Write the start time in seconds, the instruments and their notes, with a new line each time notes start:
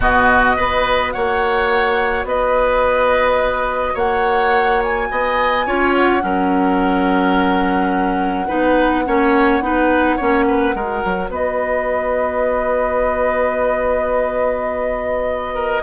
0.00 bassoon B2, clarinet B3, oboe F#4, flute D#5
0.56 bassoon B3, clarinet F#4, oboe B4
1.11 bassoon A#3, oboe C#5, flute F#5
2.23 bassoon B3, oboe B4, flute D#5
3.94 bassoon A#3, oboe C#5, flute F#5
4.83 flute G#5
5.11 bassoon B3, oboe D#5
5.66 bassoon C#4, clarinet F4, oboe C#5
5.92 flute F#5
6.20 bassoon F#3, clarinet C#4, oboe A#4
8.47 bassoon B3, clarinet D#4, oboe B4
9.05 bassoon A#3, clarinet C#4, oboe C#5
9.60 bassoon B3, clarinet D#4, oboe B4
10.16 bassoon A#3, clarinet C#4, oboe C#5
10.47 oboe B4
10.74 bassoon G#3, clarinet F#4, oboe A#4
11.04 bassoon F#3
11.29 bassoon B3, oboe B4, flute D#5
15.54 oboe A#4